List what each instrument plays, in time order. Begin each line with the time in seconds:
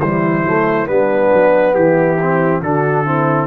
0.00 tuba E3, trombone G3, horn E4, trumpet C5
0.45 tuba F#3, trombone A3
0.87 tuba G3, trombone B3, horn D4, trumpet B4
1.34 tuba F#3
1.74 tuba E3, horn E4, trumpet G4
2.22 trombone C4
2.62 tuba D3, trombone D4, horn F#4, trumpet A4
3.05 trombone C4, horn E4